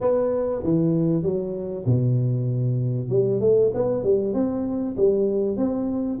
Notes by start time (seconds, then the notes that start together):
0.00 B3
0.63 E3
1.22 F#3
1.86 B2
3.09 G3
3.40 A3
3.74 B3
4.03 G3
4.33 C4
4.96 G3
5.56 C4